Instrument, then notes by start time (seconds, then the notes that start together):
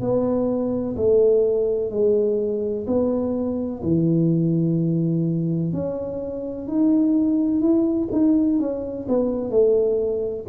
tuba
0.00 B3
0.96 A3
1.90 G#3
2.87 B3
3.82 E3
5.72 C#4
6.67 D#4
7.61 E4
8.12 D#4
8.59 C#4
9.08 B3
9.50 A3